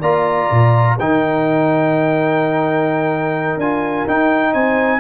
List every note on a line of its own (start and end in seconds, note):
0.00 0.49 A#3
0.00 0.99 F4
0.00 0.95 D5
0.00 0.97 A#5
0.51 0.99 A#2
0.96 3.57 D#3
0.96 3.61 D#4
0.96 4.52 A#4
0.96 3.60 G5
3.57 4.04 D4
3.57 4.08 F4
3.57 4.07 G#5
4.07 4.54 D#4
4.07 5.00 D#4
4.07 4.54 G5
4.52 5.00 C4
4.52 5.00 C5
4.52 5.00 G#5